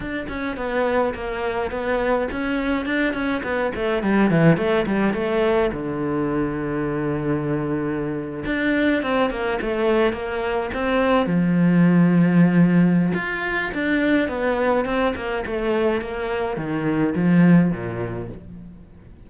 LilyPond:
\new Staff \with { instrumentName = "cello" } { \time 4/4 \tempo 4 = 105 d'8 cis'8 b4 ais4 b4 | cis'4 d'8 cis'8 b8 a8 g8 e8 | a8 g8 a4 d2~ | d2~ d8. d'4 c'16~ |
c'16 ais8 a4 ais4 c'4 f16~ | f2. f'4 | d'4 b4 c'8 ais8 a4 | ais4 dis4 f4 ais,4 | }